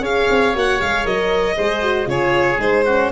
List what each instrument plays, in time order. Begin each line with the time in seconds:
0.00 tuba C#4, horn G#4, oboe C#5, violin F5
0.29 tuba C4
0.54 tuba A#3, horn F#4, violin F#5
0.79 tuba G#3, horn G#4, violin F5
1.04 tuba F#3, horn A#4, violin D#5
1.57 tuba G#3, horn G#4, oboe C5
1.82 horn F#4
2.05 tuba C#3, horn F4, oboe G#4, violin C#5
2.58 tuba G#3, horn D#4, violin C5
2.85 horn C#4, oboe F#4